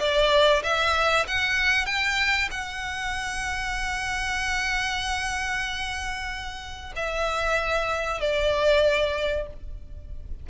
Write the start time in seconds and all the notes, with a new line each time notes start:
0.00 D5
0.63 E5
1.28 F#5
1.86 G5
2.51 F#5
6.96 E5
8.21 D5